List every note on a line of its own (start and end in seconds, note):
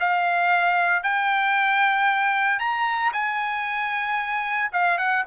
0.00 1.03 F5
1.03 2.59 G5
2.59 3.12 A#5
3.13 4.71 G#5
4.72 4.98 F5
4.98 5.24 F#5